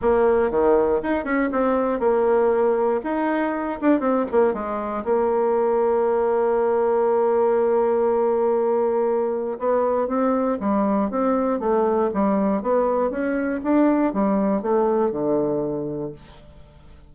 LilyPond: \new Staff \with { instrumentName = "bassoon" } { \time 4/4 \tempo 4 = 119 ais4 dis4 dis'8 cis'8 c'4 | ais2 dis'4. d'8 | c'8 ais8 gis4 ais2~ | ais1~ |
ais2. b4 | c'4 g4 c'4 a4 | g4 b4 cis'4 d'4 | g4 a4 d2 | }